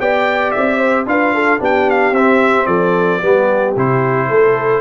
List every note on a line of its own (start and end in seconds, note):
0.00 0.54 B3
0.00 1.06 G4
0.00 0.79 D5
0.00 0.51 G5
0.51 1.05 E5
0.57 1.06 C4
0.79 1.06 C5
1.06 1.59 D4
1.06 1.60 F4
1.06 1.34 B4
1.06 1.61 F5
1.34 1.60 A4
1.60 2.11 B3
1.60 2.13 D4
1.60 2.67 G4
1.60 1.90 G5
1.90 2.15 F5
2.11 2.65 C4
2.11 2.67 E5
2.18 3.22 C4
2.67 3.21 F3
2.67 3.21 A4
2.67 3.74 D5
3.22 3.76 G3
3.22 3.76 B3
3.22 4.28 G4
3.76 4.30 C3
3.76 4.81 E4
3.76 4.81 C5
4.28 4.81 A3
4.28 4.81 A4